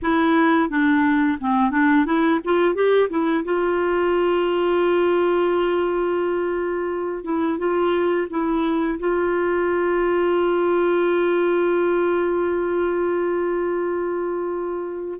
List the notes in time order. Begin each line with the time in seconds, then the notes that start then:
0.02 E4
0.69 D4
1.40 C4
1.71 D4
2.05 E4
2.44 F4
2.74 G4
3.09 E4
3.44 F4
7.24 E4
7.58 F4
8.29 E4
8.99 F4